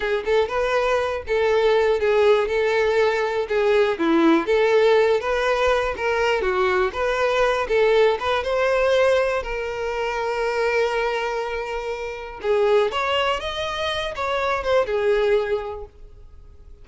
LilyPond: \new Staff \with { instrumentName = "violin" } { \time 4/4 \tempo 4 = 121 gis'8 a'8 b'4. a'4. | gis'4 a'2 gis'4 | e'4 a'4. b'4. | ais'4 fis'4 b'4. a'8~ |
a'8 b'8 c''2 ais'4~ | ais'1~ | ais'4 gis'4 cis''4 dis''4~ | dis''8 cis''4 c''8 gis'2 | }